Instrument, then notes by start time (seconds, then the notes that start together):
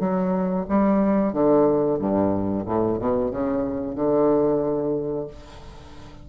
bassoon
0.00 F#3
0.69 G3
1.33 D3
1.99 G2
2.66 A2
2.99 B2
3.31 C#3
3.96 D3